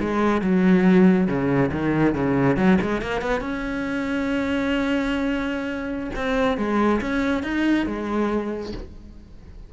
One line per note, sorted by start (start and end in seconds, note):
0.00 0.41 G#3
0.41 1.27 F#3
1.27 1.70 C#3
1.71 2.14 D#3
2.14 2.56 C#3
2.56 2.78 F#3
2.81 3.01 G#3
3.01 3.21 A#3
3.21 3.40 B3
3.40 6.10 C#4
6.15 6.57 C4
6.57 7.00 G#3
7.01 7.43 C#4
7.43 7.86 D#4
7.86 8.72 G#3